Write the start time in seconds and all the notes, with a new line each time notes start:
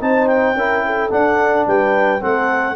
0.00 C4 D#4 C5 A5
0.27 G5
0.53 C#4 E4 A#4
0.86 A4
1.10 D4 F#5
1.67 G3 B4 G5
2.20 A3 C4 A4 F#5